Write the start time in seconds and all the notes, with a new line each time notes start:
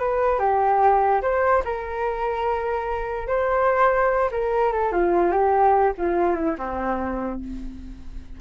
0.00 B4
0.40 G4
1.22 C5
1.65 A#4
3.28 C5
4.32 A#4
4.73 A4
4.93 F4
5.32 G4
5.98 F4
6.36 E4
6.59 C4